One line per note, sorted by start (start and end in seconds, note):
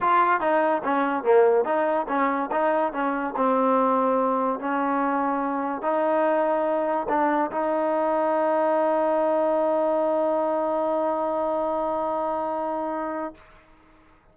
0.00 0.40 F4
0.40 0.81 D#4
0.84 1.23 C#4
1.23 1.64 A#3
1.64 2.06 D#4
2.08 2.50 C#4
2.51 2.92 D#4
2.92 3.34 C#4
3.36 4.59 C4
4.59 5.82 C#4
5.82 7.07 D#4
7.09 7.50 D4
7.51 13.34 D#4